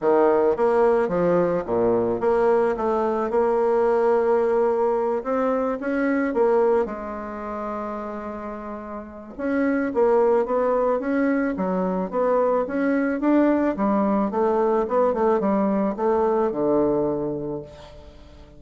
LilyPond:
\new Staff \with { instrumentName = "bassoon" } { \time 4/4 \tempo 4 = 109 dis4 ais4 f4 ais,4 | ais4 a4 ais2~ | ais4. c'4 cis'4 ais8~ | ais8 gis2.~ gis8~ |
gis4 cis'4 ais4 b4 | cis'4 fis4 b4 cis'4 | d'4 g4 a4 b8 a8 | g4 a4 d2 | }